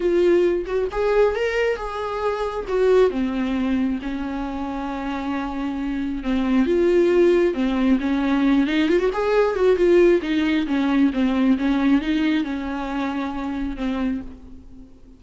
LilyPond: \new Staff \with { instrumentName = "viola" } { \time 4/4 \tempo 4 = 135 f'4. fis'8 gis'4 ais'4 | gis'2 fis'4 c'4~ | c'4 cis'2.~ | cis'2 c'4 f'4~ |
f'4 c'4 cis'4. dis'8 | f'16 fis'16 gis'4 fis'8 f'4 dis'4 | cis'4 c'4 cis'4 dis'4 | cis'2. c'4 | }